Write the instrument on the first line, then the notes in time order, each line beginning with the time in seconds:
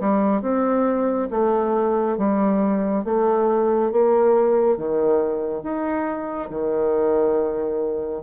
bassoon
0.00 G3
0.42 C4
1.30 A3
2.18 G3
3.04 A3
3.92 A#3
4.77 D#3
5.63 D#4
6.50 D#3